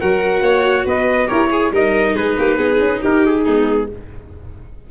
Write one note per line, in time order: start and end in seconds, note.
0.00 0.41 F#3
0.00 1.27 F#4
0.00 0.43 A#4
0.00 0.87 F#5
0.41 0.84 A#3
0.41 0.86 C#5
0.86 1.29 B3
0.86 1.28 B4
0.86 1.29 D#5
1.27 1.72 E4
1.27 1.48 G4
1.27 1.49 A#4
1.27 1.72 C#5
1.51 1.72 G#4
1.51 1.74 G#4
1.72 2.15 G3
1.72 3.45 D#4
1.72 2.15 A#4
1.72 2.16 D#5
2.15 2.37 G#3
2.15 2.36 G#4
2.15 3.03 B4
2.38 2.58 A#3
2.38 2.57 G4
2.57 2.80 B3
2.57 3.01 G#4
2.80 3.01 C#4
3.02 3.47 D#4
3.02 3.44 G4
3.02 3.26 A#4
3.26 3.91 G#4
3.44 3.90 G#3
3.44 3.88 B3
3.44 3.87 D#4